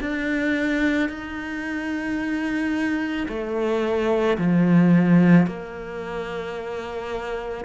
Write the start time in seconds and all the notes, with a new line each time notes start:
0.00 D4
1.09 D#4
3.28 A3
4.37 F3
5.46 A#3